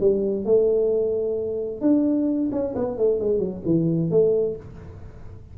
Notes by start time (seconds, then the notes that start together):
0.00 G3
0.45 A3
1.81 D4
2.51 C#4
2.75 B3
2.98 A3
3.19 G#3
3.39 F#3
3.65 E3
4.10 A3